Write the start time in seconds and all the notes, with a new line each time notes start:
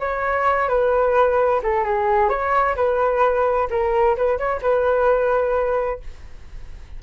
0.00 C#5
0.69 B4
1.63 A4
1.84 G#4
2.29 C#5
2.76 B4
3.70 A#4
4.17 B4
4.38 C#5
4.62 B4